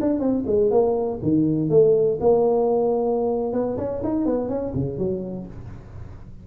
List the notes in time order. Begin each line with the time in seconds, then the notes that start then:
0.00 D4
0.19 C4
0.46 G#3
0.71 A#3
1.22 D#3
1.69 A3
2.20 A#3
3.52 B3
3.77 C#4
4.03 D#4
4.25 B3
4.49 C#4
4.74 C#3
4.98 F#3